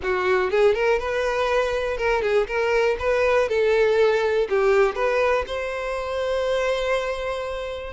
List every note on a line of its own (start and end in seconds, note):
0.02 0.50 F#4
0.50 0.74 G#4
0.74 0.99 A#4
0.99 1.97 B4
1.97 2.22 A#4
2.22 2.46 G#4
2.47 2.96 A#4
2.99 3.48 B4
3.48 4.48 A4
4.49 4.95 G4
4.95 5.44 B4
5.47 7.93 C5